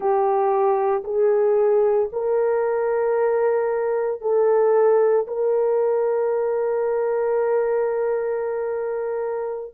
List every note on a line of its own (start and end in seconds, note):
0.00 1.03 G4
1.04 2.09 G#4
2.12 4.21 A#4
4.21 5.26 A4
5.27 9.74 A#4